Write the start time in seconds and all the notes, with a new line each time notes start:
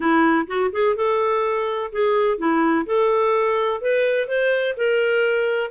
0.00 E4
0.47 F#4
0.72 G#4
0.95 A4
1.92 G#4
2.38 E4
2.85 A4
3.81 B4
4.27 C5
4.76 A#4